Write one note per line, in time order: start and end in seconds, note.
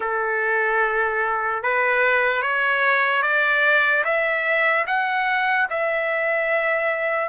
0.00 1.62 A4
1.62 2.42 B4
2.42 3.22 C#5
3.22 4.03 D5
4.04 4.85 E5
4.86 5.68 F#5
5.70 7.28 E5